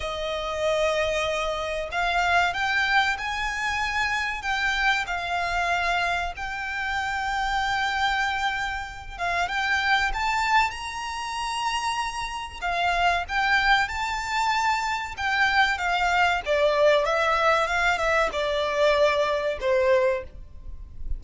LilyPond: \new Staff \with { instrumentName = "violin" } { \time 4/4 \tempo 4 = 95 dis''2. f''4 | g''4 gis''2 g''4 | f''2 g''2~ | g''2~ g''8 f''8 g''4 |
a''4 ais''2. | f''4 g''4 a''2 | g''4 f''4 d''4 e''4 | f''8 e''8 d''2 c''4 | }